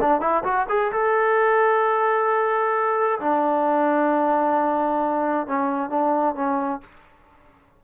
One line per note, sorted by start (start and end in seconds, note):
0.00 0.20 D4
0.20 0.43 E4
0.43 0.66 F#4
0.69 0.91 G#4
0.92 3.19 A4
3.19 5.46 D4
5.46 5.89 C#4
5.89 6.35 D4
6.35 6.80 C#4